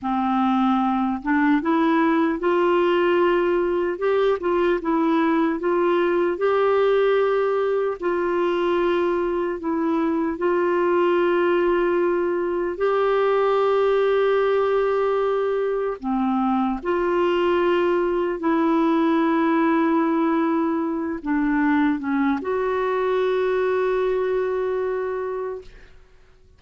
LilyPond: \new Staff \with { instrumentName = "clarinet" } { \time 4/4 \tempo 4 = 75 c'4. d'8 e'4 f'4~ | f'4 g'8 f'8 e'4 f'4 | g'2 f'2 | e'4 f'2. |
g'1 | c'4 f'2 e'4~ | e'2~ e'8 d'4 cis'8 | fis'1 | }